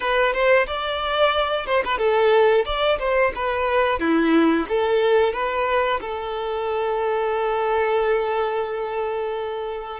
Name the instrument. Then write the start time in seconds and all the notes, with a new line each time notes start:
violin
0.00 B4
0.33 C5
0.66 D5
1.66 C5
1.84 B4
1.98 A4
2.65 D5
2.98 C5
3.35 B4
3.99 E4
4.68 A4
5.33 B4
6.00 A4